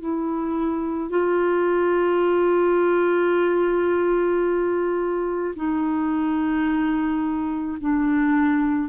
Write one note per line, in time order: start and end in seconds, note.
0.00 1.10 E4
1.10 5.55 F4
5.56 7.78 D#4
7.80 8.89 D4